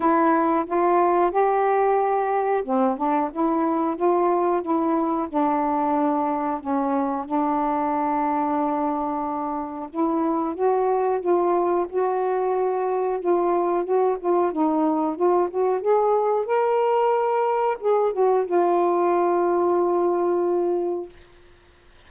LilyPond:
\new Staff \with { instrumentName = "saxophone" } { \time 4/4 \tempo 4 = 91 e'4 f'4 g'2 | c'8 d'8 e'4 f'4 e'4 | d'2 cis'4 d'4~ | d'2. e'4 |
fis'4 f'4 fis'2 | f'4 fis'8 f'8 dis'4 f'8 fis'8 | gis'4 ais'2 gis'8 fis'8 | f'1 | }